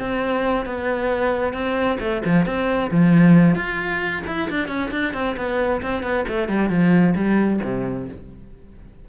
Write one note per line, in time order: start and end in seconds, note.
0.00 0.66 C4
0.66 1.53 B3
1.53 1.98 C4
2.00 2.22 A3
2.26 2.46 F3
2.46 2.91 C4
2.91 3.56 F3
3.56 4.23 F4
4.27 4.50 E4
4.50 4.68 D4
4.68 4.91 C#4
4.91 5.14 D4
5.14 5.36 C4
5.37 5.82 B3
5.82 6.03 C4
6.03 6.26 B3
6.28 6.49 A3
6.49 6.70 G3
6.70 7.15 F3
7.16 7.60 G3
7.64 8.09 C3